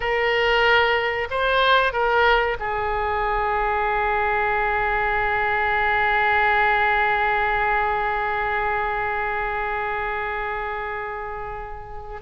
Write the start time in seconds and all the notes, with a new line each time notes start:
0.00 A#4
1.30 C5
1.92 A#4
2.59 G#4